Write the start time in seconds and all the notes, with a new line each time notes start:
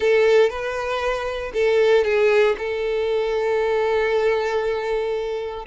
0.00 A4
0.49 B4
1.53 A4
2.04 G#4
2.58 A4